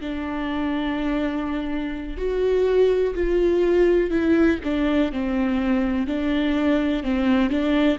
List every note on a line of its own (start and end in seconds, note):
0.00 2.17 D4
2.17 3.14 F#4
3.15 4.10 F4
4.10 4.58 E4
4.64 5.12 D4
5.12 6.07 C4
6.07 7.03 D4
7.03 7.50 C4
7.50 7.98 D4